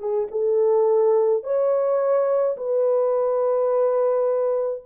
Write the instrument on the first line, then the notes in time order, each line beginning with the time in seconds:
horn
0.00 G#4
0.31 A4
1.44 C#5
2.57 B4